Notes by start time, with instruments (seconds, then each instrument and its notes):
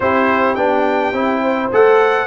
0.00 tuba C4, trombone E4, horn G4, trumpet C5
0.55 tuba B3, trombone D4, trumpet G5
1.12 tuba C4, trombone E4
1.41 horn C5
1.72 tuba A3, trombone A4, trumpet F#5